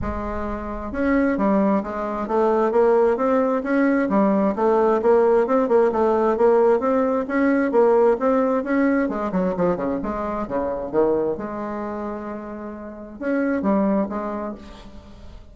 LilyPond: \new Staff \with { instrumentName = "bassoon" } { \time 4/4 \tempo 4 = 132 gis2 cis'4 g4 | gis4 a4 ais4 c'4 | cis'4 g4 a4 ais4 | c'8 ais8 a4 ais4 c'4 |
cis'4 ais4 c'4 cis'4 | gis8 fis8 f8 cis8 gis4 cis4 | dis4 gis2.~ | gis4 cis'4 g4 gis4 | }